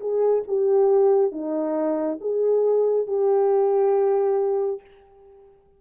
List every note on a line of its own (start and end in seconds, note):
0.00 0.43 G#4
0.47 1.32 G4
1.32 2.19 D#4
2.20 3.07 G#4
3.07 4.81 G4